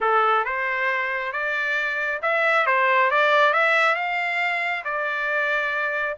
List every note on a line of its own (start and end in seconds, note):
0.00 0.45 A4
0.45 1.32 C5
1.32 2.20 D5
2.22 2.66 E5
2.66 3.10 C5
3.10 3.53 D5
3.53 3.95 E5
3.95 4.83 F5
4.84 6.16 D5